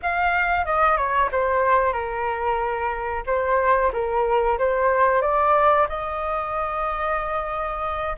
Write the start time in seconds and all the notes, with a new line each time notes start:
0.02 F5
0.65 D#5
0.97 C#5
1.31 C5
1.92 A#4
3.26 C5
3.92 A#4
4.58 C5
5.21 D5
5.88 D#5